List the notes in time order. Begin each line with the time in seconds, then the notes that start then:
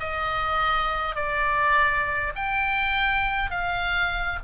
0.00 D#5
1.16 D5
2.36 G5
3.51 F5